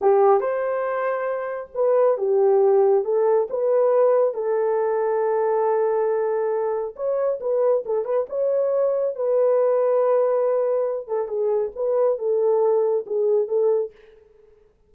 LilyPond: \new Staff \with { instrumentName = "horn" } { \time 4/4 \tempo 4 = 138 g'4 c''2. | b'4 g'2 a'4 | b'2 a'2~ | a'1 |
cis''4 b'4 a'8 b'8 cis''4~ | cis''4 b'2.~ | b'4. a'8 gis'4 b'4 | a'2 gis'4 a'4 | }